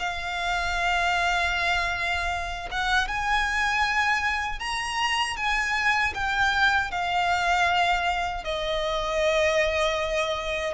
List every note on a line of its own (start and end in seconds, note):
0.00 2.69 F5
2.71 3.08 F#5
3.08 4.60 G#5
4.60 5.37 A#5
5.37 6.14 G#5
6.15 6.92 G5
6.92 8.45 F5
8.45 10.74 D#5